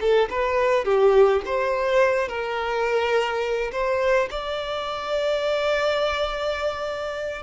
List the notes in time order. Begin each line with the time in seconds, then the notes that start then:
0.00 A4
0.30 B4
0.85 G4
1.45 C5
2.28 A#4
3.71 C5
4.30 D5